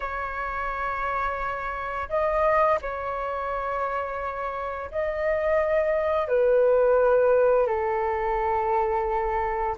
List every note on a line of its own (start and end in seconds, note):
0.00 2.08 C#5
2.09 2.78 D#5
2.81 4.91 C#5
4.91 6.28 D#5
6.28 7.66 B4
7.66 9.76 A4